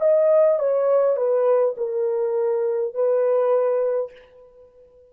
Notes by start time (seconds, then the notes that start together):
0.00 D#5
0.59 C#5
1.16 B4
1.77 A#4
2.94 B4